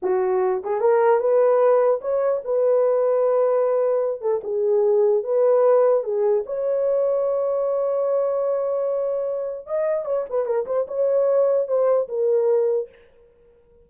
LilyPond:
\new Staff \with { instrumentName = "horn" } { \time 4/4 \tempo 4 = 149 fis'4. gis'8 ais'4 b'4~ | b'4 cis''4 b'2~ | b'2~ b'8 a'8 gis'4~ | gis'4 b'2 gis'4 |
cis''1~ | cis''1 | dis''4 cis''8 b'8 ais'8 c''8 cis''4~ | cis''4 c''4 ais'2 | }